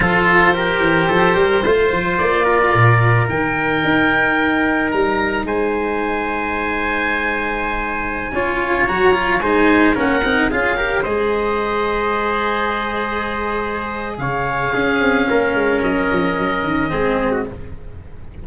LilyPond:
<<
  \new Staff \with { instrumentName = "oboe" } { \time 4/4 \tempo 4 = 110 c''1 | d''2 g''2~ | g''4 ais''4 gis''2~ | gis''1~ |
gis''16 ais''4 gis''4 fis''4 f''8.~ | f''16 dis''2.~ dis''8.~ | dis''2 f''2~ | f''4 dis''2. | }
  \new Staff \with { instrumentName = "trumpet" } { \time 4/4 a'4 ais'4 a'8 ais'8 c''4~ | c''8 ais'2.~ ais'8~ | ais'2 c''2~ | c''2.~ c''16 cis''8.~ |
cis''4~ cis''16 c''4 ais'4 gis'8 ais'16~ | ais'16 c''2.~ c''8.~ | c''2 cis''4 gis'4 | ais'2. gis'8. fis'16 | }
  \new Staff \with { instrumentName = "cello" } { \time 4/4 f'4 g'2 f'4~ | f'2 dis'2~ | dis'1~ | dis'2.~ dis'16 f'8.~ |
f'16 fis'8 f'8 dis'4 cis'8 dis'8 f'8 g'16~ | g'16 gis'2.~ gis'8.~ | gis'2. cis'4~ | cis'2. c'4 | }
  \new Staff \with { instrumentName = "tuba" } { \time 4/4 f4. e8 f8 g8 a8 f8 | ais4 ais,4 dis4 dis'4~ | dis'4 g4 gis2~ | gis2.~ gis16 cis'8.~ |
cis'16 fis4 gis4 ais8 c'8 cis'8.~ | cis'16 gis2.~ gis8.~ | gis2 cis4 cis'8 c'8 | ais8 gis8 fis8 f8 fis8 dis8 gis4 | }
>>